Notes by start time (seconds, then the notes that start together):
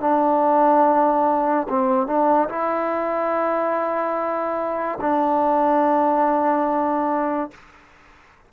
0.00 D4
1.69 C4
2.06 D4
2.48 E4
5.00 D4